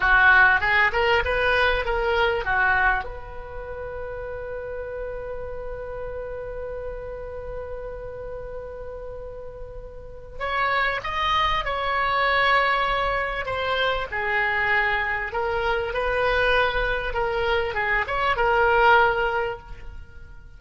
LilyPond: \new Staff \with { instrumentName = "oboe" } { \time 4/4 \tempo 4 = 98 fis'4 gis'8 ais'8 b'4 ais'4 | fis'4 b'2.~ | b'1~ | b'1~ |
b'4 cis''4 dis''4 cis''4~ | cis''2 c''4 gis'4~ | gis'4 ais'4 b'2 | ais'4 gis'8 cis''8 ais'2 | }